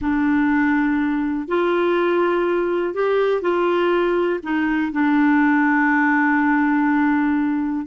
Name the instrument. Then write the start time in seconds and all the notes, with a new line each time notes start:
clarinet
0.01 D4
1.48 F4
2.94 G4
3.41 F4
4.43 D#4
4.92 D4